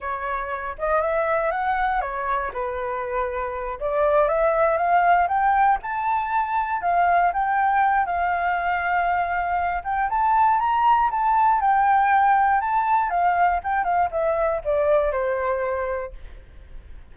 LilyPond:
\new Staff \with { instrumentName = "flute" } { \time 4/4 \tempo 4 = 119 cis''4. dis''8 e''4 fis''4 | cis''4 b'2~ b'8 d''8~ | d''8 e''4 f''4 g''4 a''8~ | a''4. f''4 g''4. |
f''2.~ f''8 g''8 | a''4 ais''4 a''4 g''4~ | g''4 a''4 f''4 g''8 f''8 | e''4 d''4 c''2 | }